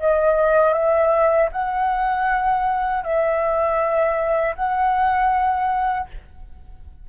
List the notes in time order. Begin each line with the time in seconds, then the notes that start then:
0.00 D#5
0.74 E5
1.52 F#5
3.04 E5
4.56 F#5